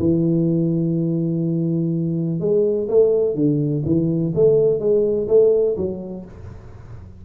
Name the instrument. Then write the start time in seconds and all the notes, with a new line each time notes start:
tuba
0.00 E3
2.40 G#3
2.89 A3
3.35 D3
3.85 E3
4.35 A3
4.80 G#3
5.28 A3
5.77 F#3